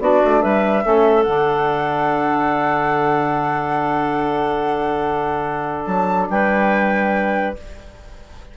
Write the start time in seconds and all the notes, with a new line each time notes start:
0.00 B3 D4 F#4 D5
0.25 A3
0.41 G3 B4 E5
0.83 A3 C#4 A4
1.23 D3 D4 F#5
5.85 F#3 A5
6.30 G3 B4 G5